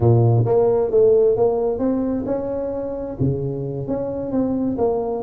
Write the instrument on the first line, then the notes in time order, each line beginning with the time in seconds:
tuba
0.00 A#2
0.45 A#3
0.90 A3
1.36 A#3
1.79 C4
2.25 C#4
3.19 C#3
3.87 C#4
4.31 C4
4.78 A#3